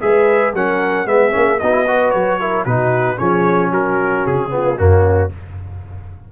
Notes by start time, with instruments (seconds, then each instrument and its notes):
0.00 tuba G#3, trombone G#4, horn B4, trumpet E5
0.53 tuba F#3, trombone C#4, horn A#4, trumpet F#5
1.05 tuba G#3, trombone B3, horn G#4, trumpet E5
1.31 tuba A#3, trombone C#4
1.59 tuba B3, trombone D#4, horn F#4, trumpet D#5
1.71 trombone E4
1.87 trombone F#4, horn B4
2.10 tuba F#3, trumpet C#5
2.39 trombone E4, horn A#4
2.64 tuba B2, trombone D#4, horn F#4, trumpet B4
3.16 tuba F3, trombone C#4, horn G#4, trumpet C#5
3.68 tuba F#3, horn F#4, trumpet A#4
4.26 tuba C#3, trumpet G#4
4.49 trombone B3, horn F4
4.76 tuba F#2, trombone A#3, horn C#4, trumpet F#4